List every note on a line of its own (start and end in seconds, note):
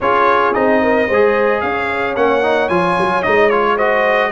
0.00 0.54 C#4
0.00 0.54 F4
0.00 0.82 G#4
0.00 0.53 C#5
0.53 1.09 C4
0.53 1.08 D#4
0.53 1.60 D#5
0.82 1.07 A#4
1.07 1.62 G#3
1.07 1.61 C5
1.13 2.16 G#4
1.60 2.16 C#4
1.60 3.75 C#5
1.60 2.15 F5
2.16 2.69 A#3
2.16 2.42 C#4
2.16 2.68 F#5
2.42 2.69 D#4
2.68 2.96 F3
2.68 3.23 F4
2.68 3.22 G#5
2.98 3.25 F#3
3.22 4.31 G#3
3.22 3.50 D#4
3.22 3.49 D#5
3.49 3.77 F4
3.49 3.76 C#5
3.75 4.31 F#4
3.75 4.30 C5
3.75 4.31 D#5